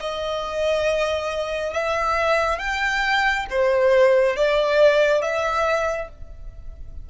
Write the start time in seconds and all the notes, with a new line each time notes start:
0.00 D#5
1.73 E5
2.58 G5
3.50 C5
4.36 D5
5.22 E5